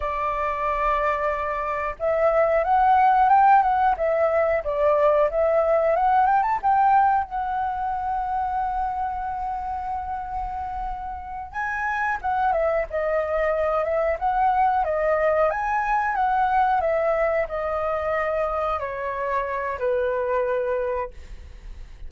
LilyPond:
\new Staff \with { instrumentName = "flute" } { \time 4/4 \tempo 4 = 91 d''2. e''4 | fis''4 g''8 fis''8 e''4 d''4 | e''4 fis''8 g''16 a''16 g''4 fis''4~ | fis''1~ |
fis''4. gis''4 fis''8 e''8 dis''8~ | dis''4 e''8 fis''4 dis''4 gis''8~ | gis''8 fis''4 e''4 dis''4.~ | dis''8 cis''4. b'2 | }